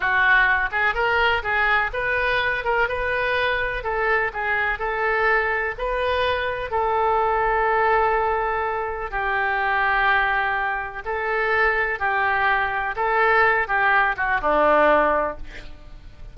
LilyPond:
\new Staff \with { instrumentName = "oboe" } { \time 4/4 \tempo 4 = 125 fis'4. gis'8 ais'4 gis'4 | b'4. ais'8 b'2 | a'4 gis'4 a'2 | b'2 a'2~ |
a'2. g'4~ | g'2. a'4~ | a'4 g'2 a'4~ | a'8 g'4 fis'8 d'2 | }